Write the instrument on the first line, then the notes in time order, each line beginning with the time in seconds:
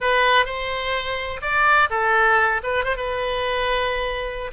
oboe
0.00 B4
0.45 C5
1.41 D5
1.90 A4
2.63 B4
2.84 C5
2.96 B4